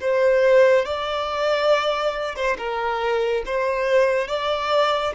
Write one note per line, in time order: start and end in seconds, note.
0.00 0.85 C5
0.85 2.35 D5
2.35 2.57 C5
2.58 3.43 A#4
3.46 4.27 C5
4.27 5.13 D5